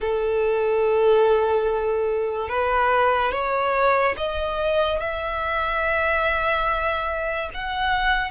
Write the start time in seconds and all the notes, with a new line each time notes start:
0.00 A4
2.48 B4
3.31 C#5
4.17 D#5
4.99 E5
7.53 F#5